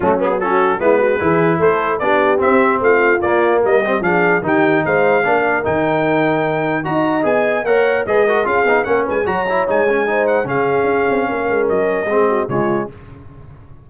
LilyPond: <<
  \new Staff \with { instrumentName = "trumpet" } { \time 4/4 \tempo 4 = 149 fis'8 gis'8 a'4 b'2 | c''4 d''4 e''4 f''4 | d''4 dis''4 f''4 g''4 | f''2 g''2~ |
g''4 ais''4 gis''4 fis''4 | dis''4 f''4 fis''8 gis''8 ais''4 | gis''4. fis''8 f''2~ | f''4 dis''2 cis''4 | }
  \new Staff \with { instrumentName = "horn" } { \time 4/4 cis'4 fis'4 e'8 fis'8 gis'4 | a'4 g'2 f'4~ | f'4 ais'8 g'8 gis'4 g'4 | c''4 ais'2.~ |
ais'4 dis''2 cis''4 | b'8 ais'8 gis'4 ais'8 b'8 cis''4~ | cis''4 c''4 gis'2 | ais'2 gis'8 fis'8 f'4 | }
  \new Staff \with { instrumentName = "trombone" } { \time 4/4 a8 b8 cis'4 b4 e'4~ | e'4 d'4 c'2 | ais4. c'8 d'4 dis'4~ | dis'4 d'4 dis'2~ |
dis'4 fis'4 gis'4 ais'4 | gis'8 fis'8 f'8 dis'8 cis'4 fis'8 e'8 | dis'8 cis'8 dis'4 cis'2~ | cis'2 c'4 gis4 | }
  \new Staff \with { instrumentName = "tuba" } { \time 4/4 fis2 gis4 e4 | a4 b4 c'4 a4 | ais4 g4 f4 dis4 | gis4 ais4 dis2~ |
dis4 dis'4 b4 ais4 | gis4 cis'8 b8 ais8 gis8 fis4 | gis2 cis4 cis'8 c'8 | ais8 gis8 fis4 gis4 cis4 | }
>>